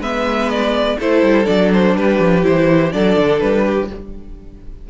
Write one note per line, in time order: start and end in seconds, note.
0.00 0.97 G#3
0.00 0.99 B3
0.00 0.97 B4
0.00 0.51 E5
0.51 0.99 D5
0.99 1.23 A3
0.99 1.45 E4
0.99 1.96 A4
0.99 1.46 C5
1.23 1.47 G3
1.45 1.97 F#3
1.45 2.42 D4
1.45 1.70 D5
1.73 1.97 C5
1.97 2.20 G3
1.97 2.94 G4
1.97 2.45 B4
2.20 2.44 F3
2.43 2.94 E3
2.43 2.91 E4
2.43 2.92 C5
2.92 3.17 F#3
2.92 3.89 D4
2.92 3.65 A4
2.92 3.40 D5
3.17 3.41 D3
3.40 3.90 G3
3.40 3.89 B4
3.65 3.89 G4